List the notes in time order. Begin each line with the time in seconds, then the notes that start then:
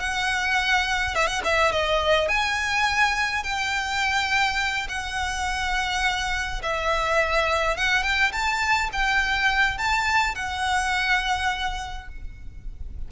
0.00 F#5
1.15 E5
1.27 F#5
1.44 E5
1.72 D#5
2.28 G#5
3.44 G5
4.89 F#5
6.63 E5
7.77 F#5
8.03 G5
8.33 A5
8.93 G5
9.78 A5
10.36 F#5